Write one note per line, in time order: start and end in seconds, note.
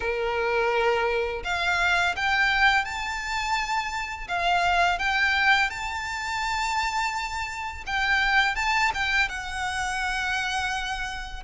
0.00 1.43 A#4
1.44 2.15 F5
2.16 2.84 G5
2.84 4.27 A5
4.28 4.98 F5
4.98 5.69 G5
5.69 7.84 A5
7.86 8.55 G5
8.55 8.91 A5
8.94 9.29 G5
9.29 11.43 F#5